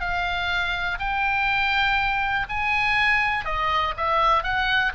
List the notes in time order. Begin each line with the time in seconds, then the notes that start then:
0.00 F5
0.99 G5
2.49 G#5
3.45 D#5
3.97 E5
4.43 F#5